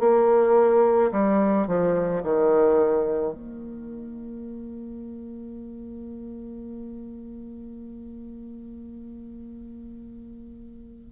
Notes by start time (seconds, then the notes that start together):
0.00 A#3
1.12 G3
1.68 F3
2.23 D#3
3.34 A#3